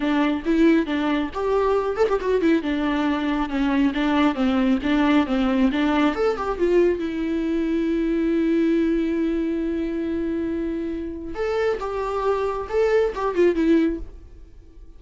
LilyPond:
\new Staff \with { instrumentName = "viola" } { \time 4/4 \tempo 4 = 137 d'4 e'4 d'4 g'4~ | g'8 a'16 g'16 fis'8 e'8 d'2 | cis'4 d'4 c'4 d'4 | c'4 d'4 a'8 g'8 f'4 |
e'1~ | e'1~ | e'2 a'4 g'4~ | g'4 a'4 g'8 f'8 e'4 | }